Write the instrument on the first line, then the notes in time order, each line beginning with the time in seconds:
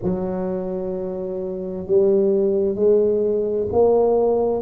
tuba
0.03 F#3
1.86 G3
2.74 G#3
3.72 A#3